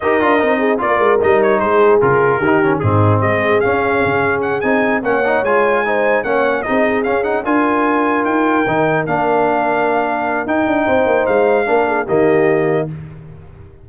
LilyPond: <<
  \new Staff \with { instrumentName = "trumpet" } { \time 4/4 \tempo 4 = 149 dis''2 d''4 dis''8 cis''8 | c''4 ais'2 gis'4 | dis''4 f''2 fis''8 gis''8~ | gis''8 fis''4 gis''2 fis''8~ |
fis''8 dis''4 f''8 fis''8 gis''4.~ | gis''8 g''2 f''4.~ | f''2 g''2 | f''2 dis''2 | }
  \new Staff \with { instrumentName = "horn" } { \time 4/4 ais'4. gis'8 ais'2 | gis'2 g'4 dis'4 | gis'1~ | gis'8 cis''2 c''4 cis''8~ |
cis''8 gis'2 ais'4.~ | ais'1~ | ais'2. c''4~ | c''4 ais'8 gis'8 g'2 | }
  \new Staff \with { instrumentName = "trombone" } { \time 4/4 g'8 f'8 dis'4 f'4 dis'4~ | dis'4 f'4 dis'8 cis'8 c'4~ | c'4 cis'2~ cis'8 dis'8~ | dis'8 cis'8 dis'8 f'4 dis'4 cis'8~ |
cis'8 dis'4 cis'8 dis'8 f'4.~ | f'4. dis'4 d'4.~ | d'2 dis'2~ | dis'4 d'4 ais2 | }
  \new Staff \with { instrumentName = "tuba" } { \time 4/4 dis'8 d'8 c'4 ais8 gis8 g4 | gis4 cis4 dis4 gis,4 | gis4 cis'4 cis4. c'8~ | c'8 ais4 gis2 ais8~ |
ais8 c'4 cis'4 d'4.~ | d'8 dis'4 dis4 ais4.~ | ais2 dis'8 d'8 c'8 ais8 | gis4 ais4 dis2 | }
>>